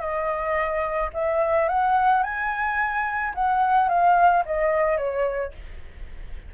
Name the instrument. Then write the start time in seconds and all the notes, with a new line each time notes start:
flute
0.00 D#5
1.14 E5
1.69 F#5
2.23 G#5
3.35 F#5
3.89 F5
4.46 D#5
4.98 C#5